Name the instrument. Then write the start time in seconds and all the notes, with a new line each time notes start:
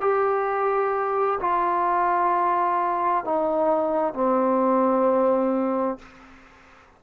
trombone
0.00 G4
1.40 F4
3.24 D#4
4.14 C4